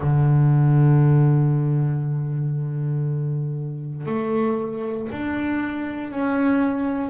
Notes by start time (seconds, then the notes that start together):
0.00 D3
4.06 A3
5.11 D4
6.11 C#4